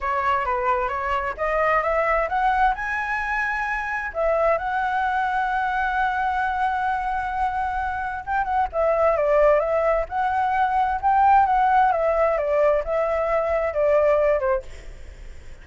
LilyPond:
\new Staff \with { instrumentName = "flute" } { \time 4/4 \tempo 4 = 131 cis''4 b'4 cis''4 dis''4 | e''4 fis''4 gis''2~ | gis''4 e''4 fis''2~ | fis''1~ |
fis''2 g''8 fis''8 e''4 | d''4 e''4 fis''2 | g''4 fis''4 e''4 d''4 | e''2 d''4. c''8 | }